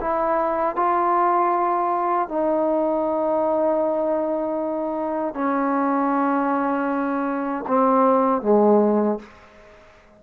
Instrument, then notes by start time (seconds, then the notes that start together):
trombone
0.00 E4
0.76 F4
2.28 D#4
5.34 C#4
7.67 C4
8.42 G#3